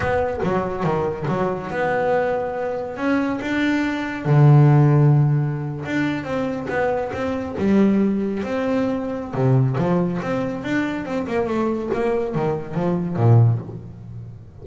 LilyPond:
\new Staff \with { instrumentName = "double bass" } { \time 4/4 \tempo 4 = 141 b4 fis4 dis4 fis4 | b2. cis'4 | d'2 d2~ | d4.~ d16 d'4 c'4 b16~ |
b8. c'4 g2 c'16~ | c'2 c4 f4 | c'4 d'4 c'8 ais8 a4 | ais4 dis4 f4 ais,4 | }